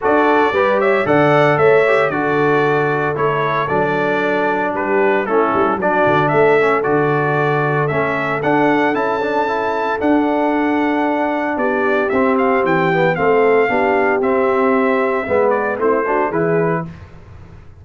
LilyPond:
<<
  \new Staff \with { instrumentName = "trumpet" } { \time 4/4 \tempo 4 = 114 d''4. e''8 fis''4 e''4 | d''2 cis''4 d''4~ | d''4 b'4 a'4 d''4 | e''4 d''2 e''4 |
fis''4 a''2 fis''4~ | fis''2 d''4 e''8 f''8 | g''4 f''2 e''4~ | e''4. d''8 c''4 b'4 | }
  \new Staff \with { instrumentName = "horn" } { \time 4/4 a'4 b'8 cis''8 d''4 cis''4 | a'1~ | a'4 g'4 e'4 fis'4 | a'1~ |
a'1~ | a'2 g'2~ | g'4 a'4 g'2~ | g'4 b'4 e'8 fis'8 gis'4 | }
  \new Staff \with { instrumentName = "trombone" } { \time 4/4 fis'4 g'4 a'4. g'8 | fis'2 e'4 d'4~ | d'2 cis'4 d'4~ | d'8 cis'8 fis'2 cis'4 |
d'4 e'8 d'8 e'4 d'4~ | d'2. c'4~ | c'8 b8 c'4 d'4 c'4~ | c'4 b4 c'8 d'8 e'4 | }
  \new Staff \with { instrumentName = "tuba" } { \time 4/4 d'4 g4 d4 a4 | d2 a4 fis4~ | fis4 g4 a8 g8 fis8 d8 | a4 d2 a4 |
d'4 cis'2 d'4~ | d'2 b4 c'4 | e4 a4 b4 c'4~ | c'4 gis4 a4 e4 | }
>>